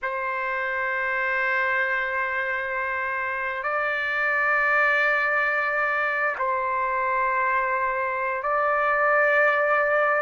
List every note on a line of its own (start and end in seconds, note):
0.02 3.63 C5
3.63 6.36 D5
6.38 8.43 C5
8.43 10.22 D5